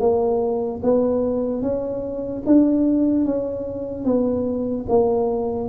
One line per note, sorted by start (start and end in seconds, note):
0.00 0.81 A#3
0.83 1.62 B3
1.62 2.43 C#4
2.46 3.25 D4
3.25 4.05 C#4
4.05 4.86 B3
4.89 5.69 A#3